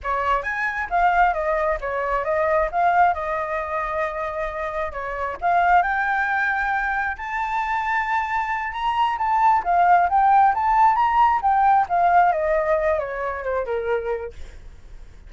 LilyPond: \new Staff \with { instrumentName = "flute" } { \time 4/4 \tempo 4 = 134 cis''4 gis''4 f''4 dis''4 | cis''4 dis''4 f''4 dis''4~ | dis''2. cis''4 | f''4 g''2. |
a''2.~ a''8 ais''8~ | ais''8 a''4 f''4 g''4 a''8~ | a''8 ais''4 g''4 f''4 dis''8~ | dis''4 cis''4 c''8 ais'4. | }